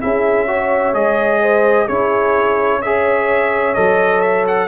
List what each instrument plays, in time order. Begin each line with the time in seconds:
0.00 tuba C#4, trombone E4, horn G#4, trumpet E5
0.47 trombone F#4, horn C#5
0.94 tuba G#3, trombone G#4, trumpet D#5
1.42 horn C5
1.85 tuba C#4, trombone E4, horn G#4, trumpet C#5
2.81 trombone G#4, horn C#5, trumpet E5
3.74 tuba F#3, trombone A4, trumpet D#5
4.21 trumpet E5
4.47 trumpet F#5